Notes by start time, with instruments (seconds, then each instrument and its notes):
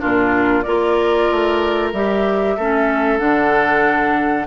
0.00 bassoon A#2, clarinet D4, oboe F4, flute A#4
0.62 bassoon A#3, clarinet F4, oboe A#4, flute D5
1.32 bassoon A3
1.93 bassoon G3, clarinet G4, flute E5
2.57 bassoon A3, clarinet C#4, oboe A4
3.19 bassoon D3, clarinet D4, flute F#5